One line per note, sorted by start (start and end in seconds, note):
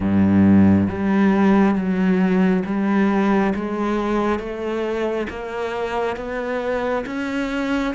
0.00 0.87 G2
0.88 1.74 G3
1.74 2.63 F#3
2.65 3.53 G3
3.55 4.39 G#3
4.39 5.27 A3
5.29 6.16 A#3
6.16 7.04 B3
7.06 7.94 C#4